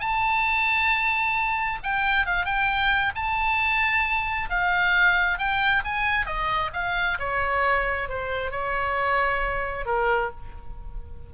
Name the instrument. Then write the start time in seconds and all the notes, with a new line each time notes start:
oboe
0.00 A5
1.83 G5
2.27 F5
2.46 G5
3.15 A5
4.50 F5
5.39 G5
5.85 G#5
6.26 D#5
6.74 F5
7.20 C#5
8.09 C5
8.52 C#5
9.86 A#4